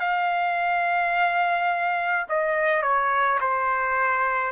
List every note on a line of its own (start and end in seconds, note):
0.00 2.26 F5
2.30 2.83 D#5
2.83 3.39 C#5
3.41 4.52 C5